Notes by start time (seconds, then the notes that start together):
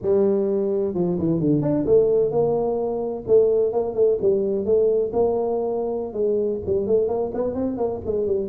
0.01 G3
0.94 F3
1.18 E3
1.40 D3
1.62 D4
1.85 A3
2.31 A#3
3.27 A3
3.72 A#3
3.94 A3
4.21 G3
4.65 A3
5.13 A#3
6.13 G#3
6.66 G3
6.86 A3
7.07 A#3
7.34 B3
7.54 C4
7.77 A#3
8.05 G#3
8.26 G3